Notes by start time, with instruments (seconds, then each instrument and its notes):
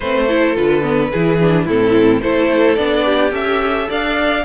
0.00 cello A3, viola C4, violin B4 C5
0.27 viola E4, violin A4
0.55 cello D3, viola F4, violin B4
0.82 viola B3
1.11 cello E3, viola E4, violin G#4
1.40 viola D4
1.65 cello A2, viola C4, violin E4 A4
2.21 cello A3, viola E4, violin A4 C5
2.75 cello B3, viola D4, violin D5
3.05 violin G4
3.31 cello C#4, viola A4, violin E5
3.88 cello D4, violin D5 F5